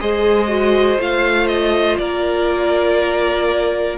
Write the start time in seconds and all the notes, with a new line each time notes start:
0.00 G#3 G#4 C5 D#5
0.48 F#4
0.99 A3 F4 F5
1.48 D#5
1.98 A#3 A#4 D5